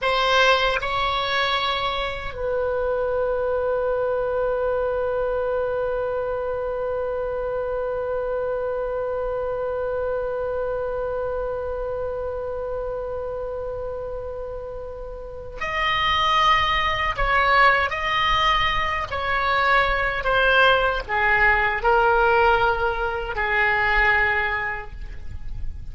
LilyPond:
\new Staff \with { instrumentName = "oboe" } { \time 4/4 \tempo 4 = 77 c''4 cis''2 b'4~ | b'1~ | b'1~ | b'1~ |
b'1 | dis''2 cis''4 dis''4~ | dis''8 cis''4. c''4 gis'4 | ais'2 gis'2 | }